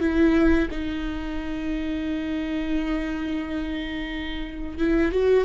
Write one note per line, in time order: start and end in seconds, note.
0.00 0.68 E4
0.71 4.78 D#4
4.78 5.12 E4
5.12 5.45 F#4